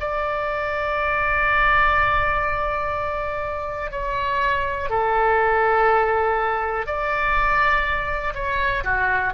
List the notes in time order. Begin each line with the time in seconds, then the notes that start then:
0.00 D5
3.92 C#5
4.90 A4
6.86 D5
8.35 C#5
8.84 F#4